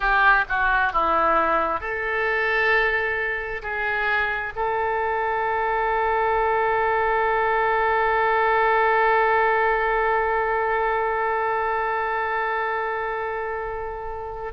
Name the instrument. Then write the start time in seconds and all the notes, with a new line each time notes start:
oboe
0.00 G4
0.48 F#4
0.92 E4
1.80 A4
3.62 G#4
4.55 A4